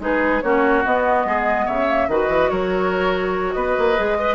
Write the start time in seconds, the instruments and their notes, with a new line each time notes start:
0.00 bassoon G#3, clarinet D#4, oboe G#4, flute B4
0.41 bassoon A#3, clarinet C#4, oboe F#4, flute C#5
0.85 clarinet B3, bassoon B3, flute D#5
1.25 bassoon G#3, oboe G#4
1.66 bassoon C#3, oboe C#5, flute E5
1.87 clarinet A#3
2.08 bassoon D#3, clarinet F#4, oboe B4, flute D#5
2.29 bassoon E3
2.50 bassoon F#3, oboe A#4, flute C#5
3.53 bassoon B3, oboe B4, flute D#5
3.79 bassoon A#3
3.97 bassoon G#3, clarinet G#4
4.19 clarinet B4, oboe D#5